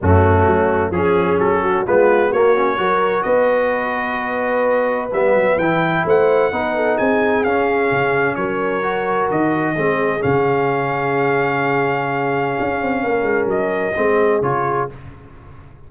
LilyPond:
<<
  \new Staff \with { instrumentName = "trumpet" } { \time 4/4 \tempo 4 = 129 fis'2 gis'4 a'4 | b'4 cis''2 dis''4~ | dis''2. e''4 | g''4 fis''2 gis''4 |
f''2 cis''2 | dis''2 f''2~ | f''1~ | f''4 dis''2 cis''4 | }
  \new Staff \with { instrumentName = "horn" } { \time 4/4 cis'2 gis'4. fis'8 | f'4 fis'4 ais'4 b'4~ | b'1~ | b'4 c''4 b'8 a'8 gis'4~ |
gis'2 ais'2~ | ais'4 gis'2.~ | gis'1 | ais'2 gis'2 | }
  \new Staff \with { instrumentName = "trombone" } { \time 4/4 a2 cis'2 | b4 ais8 cis'8 fis'2~ | fis'2. b4 | e'2 dis'2 |
cis'2. fis'4~ | fis'4 c'4 cis'2~ | cis'1~ | cis'2 c'4 f'4 | }
  \new Staff \with { instrumentName = "tuba" } { \time 4/4 fis,4 fis4 f4 fis4 | gis4 ais4 fis4 b4~ | b2. g8 fis8 | e4 a4 b4 c'4 |
cis'4 cis4 fis2 | dis4 gis4 cis2~ | cis2. cis'8 c'8 | ais8 gis8 fis4 gis4 cis4 | }
>>